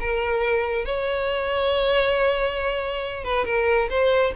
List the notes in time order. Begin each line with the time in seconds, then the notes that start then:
0.00 A#4
0.85 C#5
3.24 B4
3.45 A#4
3.90 C5